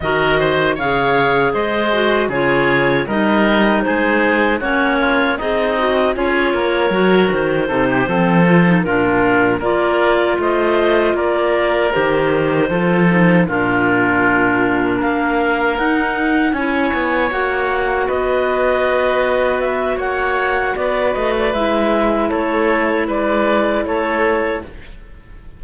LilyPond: <<
  \new Staff \with { instrumentName = "clarinet" } { \time 4/4 \tempo 4 = 78 dis''4 f''4 dis''4 cis''4 | dis''4 c''4 cis''4 dis''4 | cis''4. c''2 ais'8~ | ais'8 d''4 dis''4 d''4 c''8~ |
c''4. ais'2 f''8~ | f''8 fis''4 gis''4 fis''4 dis''8~ | dis''4. e''8 fis''4 d''8 dis''16 d''16 | e''4 cis''4 d''4 cis''4 | }
  \new Staff \with { instrumentName = "oboe" } { \time 4/4 ais'8 c''8 cis''4 c''4 gis'4 | ais'4 gis'4 fis'8 f'8 dis'4 | gis'8 ais'4. a'16 g'16 a'4 f'8~ | f'8 ais'4 c''4 ais'4.~ |
ais'8 a'4 f'2 ais'8~ | ais'4. cis''2 b'8~ | b'2 cis''4 b'4~ | b'4 a'4 b'4 a'4 | }
  \new Staff \with { instrumentName = "clarinet" } { \time 4/4 fis'4 gis'4. fis'8 f'4 | dis'2 cis'4 gis'8 fis'8 | f'4 fis'4 dis'8 c'8 f'16 dis'16 d'8~ | d'8 f'2. g'8~ |
g'8 f'8 dis'8 d'2~ d'8~ | d'8 dis'4 e'4 fis'4.~ | fis'1 | e'1 | }
  \new Staff \with { instrumentName = "cello" } { \time 4/4 dis4 cis4 gis4 cis4 | g4 gis4 ais4 c'4 | cis'8 ais8 fis8 dis8 c8 f4 ais,8~ | ais,8 ais4 a4 ais4 dis8~ |
dis8 f4 ais,2 ais8~ | ais8 dis'4 cis'8 b8 ais4 b8~ | b2 ais4 b8 a8 | gis4 a4 gis4 a4 | }
>>